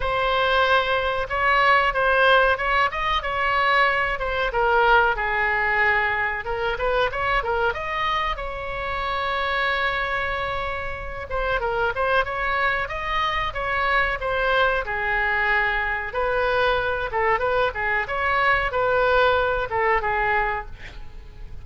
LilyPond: \new Staff \with { instrumentName = "oboe" } { \time 4/4 \tempo 4 = 93 c''2 cis''4 c''4 | cis''8 dis''8 cis''4. c''8 ais'4 | gis'2 ais'8 b'8 cis''8 ais'8 | dis''4 cis''2.~ |
cis''4. c''8 ais'8 c''8 cis''4 | dis''4 cis''4 c''4 gis'4~ | gis'4 b'4. a'8 b'8 gis'8 | cis''4 b'4. a'8 gis'4 | }